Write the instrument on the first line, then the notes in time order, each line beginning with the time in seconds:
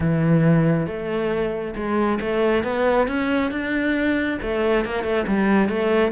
cello
0.00 E3
0.87 A3
1.75 G#3
2.20 A3
2.63 B3
3.07 C#4
3.51 D4
4.42 A3
4.85 A#3
5.03 A3
5.27 G3
5.69 A3